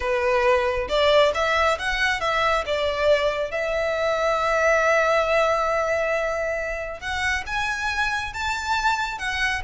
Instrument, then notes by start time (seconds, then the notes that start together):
violin
0.00 B4
0.88 D5
1.34 E5
1.79 F#5
2.20 E5
2.65 D5
3.51 E5
7.00 F#5
7.46 G#5
8.33 A5
9.18 F#5